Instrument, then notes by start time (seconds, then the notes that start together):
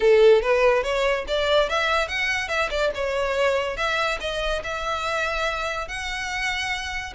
violin
0.00 A4
0.42 B4
0.83 C#5
1.27 D5
1.69 E5
2.08 F#5
2.48 E5
2.70 D5
2.94 C#5
3.76 E5
4.20 D#5
4.63 E5
5.87 F#5